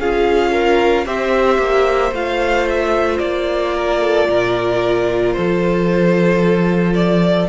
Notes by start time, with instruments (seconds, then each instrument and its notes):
0.00 cello C#4, viola F4, violin G#4 F5
0.53 violin A#4
1.06 cello C4, viola G4, violin C5 E5
1.59 cello A#3
2.12 cello A3, viola F4, violin F5
2.70 violin E5
3.19 cello A#3, violin D5
3.75 violin A#4
4.02 violin A4
4.29 cello A#2, violin A#4
5.33 cello F3, violin A4 C5
6.95 violin D5